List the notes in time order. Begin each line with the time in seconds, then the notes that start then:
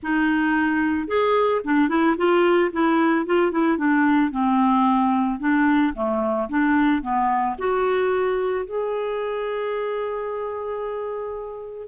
0.02 D#4
1.07 G#4
1.64 D4
1.88 E4
2.17 F4
2.72 E4
3.26 F4
3.51 E4
3.77 D4
4.31 C4
5.39 D4
5.94 A3
6.49 D4
7.01 B3
7.58 F#4
8.65 G#4